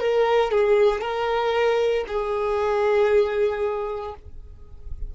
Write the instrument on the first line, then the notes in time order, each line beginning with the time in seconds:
violin
0.00 A#4
0.51 G#4
1.02 A#4
2.08 G#4